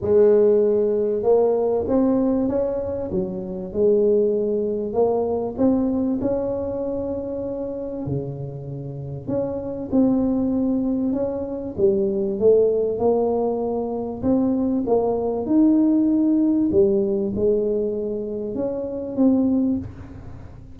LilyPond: \new Staff \with { instrumentName = "tuba" } { \time 4/4 \tempo 4 = 97 gis2 ais4 c'4 | cis'4 fis4 gis2 | ais4 c'4 cis'2~ | cis'4 cis2 cis'4 |
c'2 cis'4 g4 | a4 ais2 c'4 | ais4 dis'2 g4 | gis2 cis'4 c'4 | }